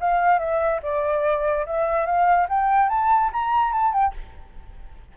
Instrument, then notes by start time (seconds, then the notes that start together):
flute
0.00 F5
0.39 E5
0.82 D5
1.66 E5
2.06 F5
2.49 G5
2.89 A5
3.32 A#5
3.72 A5
3.93 G5